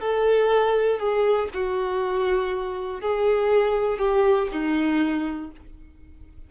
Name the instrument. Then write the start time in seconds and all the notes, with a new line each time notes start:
violin
0.00 A4
0.99 G#4
1.53 F#4
3.01 G#4
3.98 G4
4.51 D#4